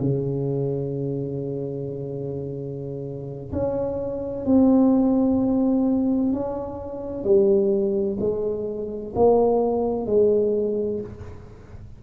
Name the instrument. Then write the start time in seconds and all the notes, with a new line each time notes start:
tuba
0.00 C#3
3.52 C#4
4.45 C4
6.32 C#4
7.24 G3
8.20 G#3
9.15 A#3
10.06 G#3